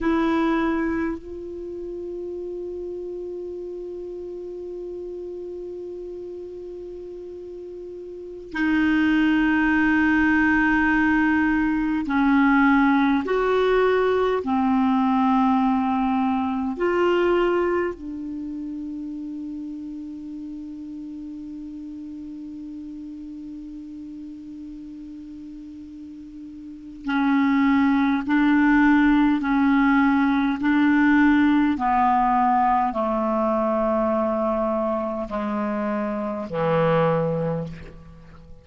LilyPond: \new Staff \with { instrumentName = "clarinet" } { \time 4/4 \tempo 4 = 51 e'4 f'2.~ | f'2.~ f'16 dis'8.~ | dis'2~ dis'16 cis'4 fis'8.~ | fis'16 c'2 f'4 d'8.~ |
d'1~ | d'2. cis'4 | d'4 cis'4 d'4 b4 | a2 gis4 e4 | }